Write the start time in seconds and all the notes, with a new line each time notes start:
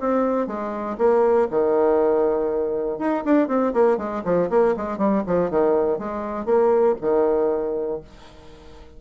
0.00 C4
0.47 G#3
0.98 A#3
1.50 D#3
2.99 D#4
3.25 D4
3.48 C4
3.73 A#3
3.97 G#3
4.24 F3
4.50 A#3
4.77 G#3
4.98 G3
5.27 F3
5.50 D#3
5.98 G#3
6.45 A#3
7.01 D#3